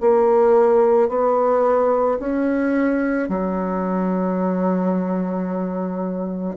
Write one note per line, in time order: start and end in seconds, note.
0.00 1.09 A#3
1.09 2.18 B3
2.20 3.29 C#4
3.29 6.56 F#3